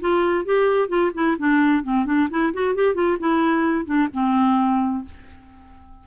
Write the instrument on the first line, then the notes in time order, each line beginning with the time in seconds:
clarinet
0.00 F4
0.45 G4
0.88 F4
1.14 E4
1.38 D4
1.83 C4
2.05 D4
2.30 E4
2.53 F#4
2.75 G4
2.94 F4
3.19 E4
3.85 D4
4.13 C4